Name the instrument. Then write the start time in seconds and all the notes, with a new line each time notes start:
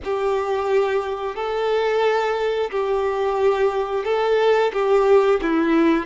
violin
0.03 G4
1.35 A4
2.70 G4
4.04 A4
4.72 G4
5.42 E4